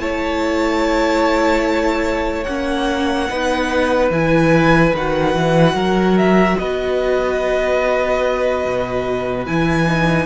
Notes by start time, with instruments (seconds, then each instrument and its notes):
0.00 cello A3, viola E4, violin C#5 A5
2.44 cello A#3, viola C#4, violin F#5
3.30 cello B3, viola D#4, violin B4
4.11 cello E3, viola E4, violin G#5
4.95 cello D#3, viola F#4, violin F#5
5.35 cello E3
5.74 cello F#3, violin A#4
6.18 violin E5
6.59 cello B3, violin B4 D#5
8.66 cello B2
9.46 cello E3, viola E4, violin G#5
9.87 viola D#4